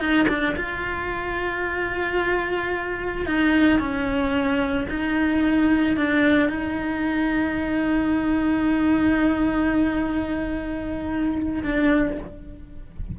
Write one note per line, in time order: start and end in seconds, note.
0.00 0.27 D#4
0.29 0.56 D4
0.57 3.27 F4
3.27 3.80 D#4
3.80 4.88 C#4
4.90 5.98 D#4
5.98 6.50 D4
6.50 11.63 D#4
11.64 12.18 D4